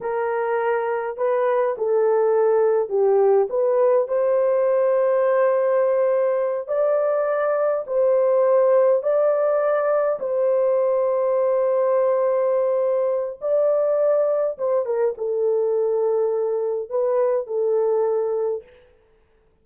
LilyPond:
\new Staff \with { instrumentName = "horn" } { \time 4/4 \tempo 4 = 103 ais'2 b'4 a'4~ | a'4 g'4 b'4 c''4~ | c''2.~ c''8 d''8~ | d''4. c''2 d''8~ |
d''4. c''2~ c''8~ | c''2. d''4~ | d''4 c''8 ais'8 a'2~ | a'4 b'4 a'2 | }